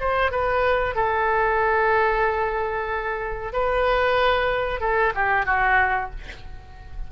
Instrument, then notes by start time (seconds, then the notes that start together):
oboe
0.00 C5
0.31 B4
0.95 A4
3.53 B4
4.80 A4
5.15 G4
5.46 F#4